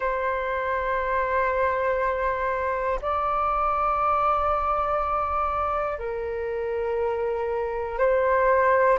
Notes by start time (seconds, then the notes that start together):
0.00 C5
3.01 D5
5.98 A#4
7.98 C5